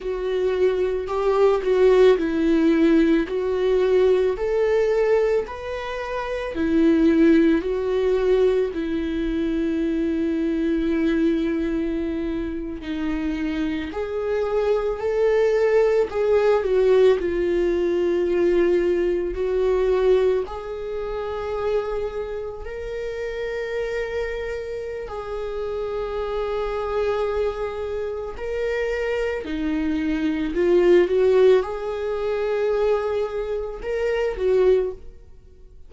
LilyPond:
\new Staff \with { instrumentName = "viola" } { \time 4/4 \tempo 4 = 55 fis'4 g'8 fis'8 e'4 fis'4 | a'4 b'4 e'4 fis'4 | e'2.~ e'8. dis'16~ | dis'8. gis'4 a'4 gis'8 fis'8 f'16~ |
f'4.~ f'16 fis'4 gis'4~ gis'16~ | gis'8. ais'2~ ais'16 gis'4~ | gis'2 ais'4 dis'4 | f'8 fis'8 gis'2 ais'8 fis'8 | }